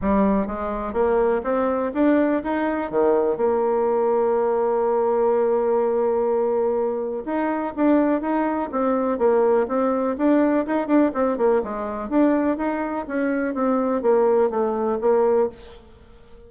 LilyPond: \new Staff \with { instrumentName = "bassoon" } { \time 4/4 \tempo 4 = 124 g4 gis4 ais4 c'4 | d'4 dis'4 dis4 ais4~ | ais1~ | ais2. dis'4 |
d'4 dis'4 c'4 ais4 | c'4 d'4 dis'8 d'8 c'8 ais8 | gis4 d'4 dis'4 cis'4 | c'4 ais4 a4 ais4 | }